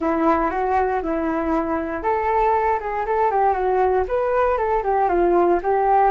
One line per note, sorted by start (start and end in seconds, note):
0.00 0.50 E4
0.50 1.01 F#4
1.02 2.02 E4
2.02 2.79 A4
2.80 3.05 G#4
3.05 3.31 A4
3.31 3.53 G4
3.53 4.04 F#4
4.07 4.57 B4
4.57 4.83 A4
4.83 5.08 G4
5.08 5.59 F4
5.62 6.11 G4